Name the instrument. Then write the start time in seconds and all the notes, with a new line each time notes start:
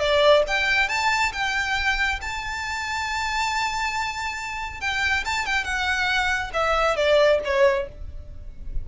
violin
0.00 D5
0.48 G5
0.89 A5
1.33 G5
2.22 A5
4.81 G5
5.25 A5
5.46 G5
5.64 F#5
6.54 E5
6.96 D5
7.45 C#5